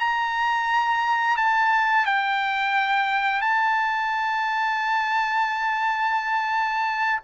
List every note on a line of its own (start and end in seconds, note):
0.00 1.37 A#5
1.37 2.06 A5
2.06 3.41 G5
3.41 7.21 A5